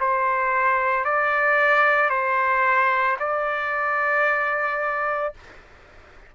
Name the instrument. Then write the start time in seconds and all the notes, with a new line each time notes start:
trumpet
0.00 C5
1.04 D5
2.10 C5
3.19 D5